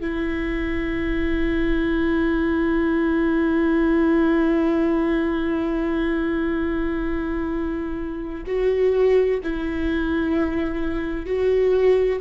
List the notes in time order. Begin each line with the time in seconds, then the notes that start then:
0.00 E4
8.46 F#4
9.43 E4
11.26 F#4